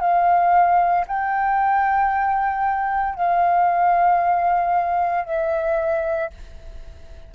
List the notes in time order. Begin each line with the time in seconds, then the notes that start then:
0.00 F5
1.07 G5
3.15 F5
5.25 E5